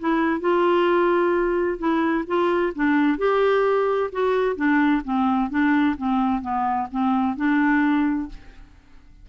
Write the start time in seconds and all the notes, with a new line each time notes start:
0.00 E4
0.41 F4
1.79 E4
2.28 F4
2.75 D4
3.18 G4
4.12 F#4
4.56 D4
5.05 C4
5.50 D4
5.97 C4
6.42 B3
6.92 C4
7.37 D4